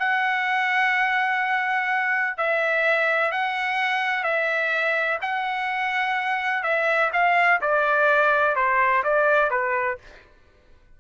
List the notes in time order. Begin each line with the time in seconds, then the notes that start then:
0.00 F#5
2.38 E5
3.32 F#5
4.24 E5
5.22 F#5
6.64 E5
7.13 F5
7.62 D5
8.56 C5
9.04 D5
9.51 B4